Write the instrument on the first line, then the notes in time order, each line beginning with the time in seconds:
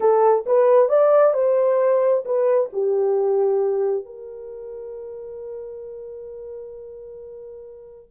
horn
0.00 A4
0.46 B4
0.88 D5
1.33 C5
2.25 B4
2.73 G4
4.05 A#4